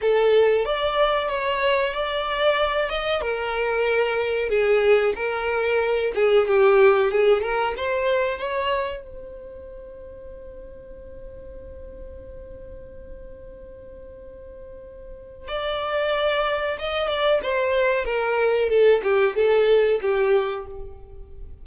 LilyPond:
\new Staff \with { instrumentName = "violin" } { \time 4/4 \tempo 4 = 93 a'4 d''4 cis''4 d''4~ | d''8 dis''8 ais'2 gis'4 | ais'4. gis'8 g'4 gis'8 ais'8 | c''4 cis''4 c''2~ |
c''1~ | c''1 | d''2 dis''8 d''8 c''4 | ais'4 a'8 g'8 a'4 g'4 | }